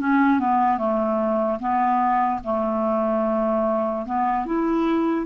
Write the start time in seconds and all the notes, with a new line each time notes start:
0.00 C#4
0.39 B3
0.78 A3
1.60 B3
2.44 A3
4.06 B3
4.46 E4